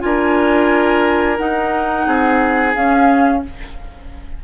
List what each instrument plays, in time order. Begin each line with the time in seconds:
0.00 bassoon D4, clarinet F4, oboe A#4, flute G#5
1.38 clarinet D#4, bassoon D#4, flute F#5
2.07 bassoon C4, oboe G#4
2.75 bassoon C#4, clarinet C#4, flute F5